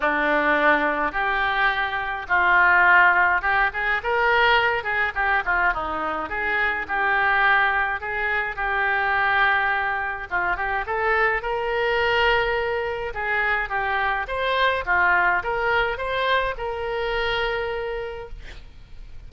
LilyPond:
\new Staff \with { instrumentName = "oboe" } { \time 4/4 \tempo 4 = 105 d'2 g'2 | f'2 g'8 gis'8 ais'4~ | ais'8 gis'8 g'8 f'8 dis'4 gis'4 | g'2 gis'4 g'4~ |
g'2 f'8 g'8 a'4 | ais'2. gis'4 | g'4 c''4 f'4 ais'4 | c''4 ais'2. | }